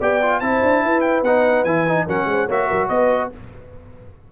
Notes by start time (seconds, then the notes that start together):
0.00 B3 G4 D5 G5
0.22 F4
0.40 C4 E4 C5 A5
0.63 D4
0.84 E4 B4
1.01 G5
1.23 B3 D#4 F#5
1.65 E3 E4 G#5
1.88 D#4
2.06 F#3 C#4 A#4 F#5
2.26 G#3 C5
2.47 A#3 F#4 C#5 E5
2.68 F#3 A#4
2.89 B3 B4 D#5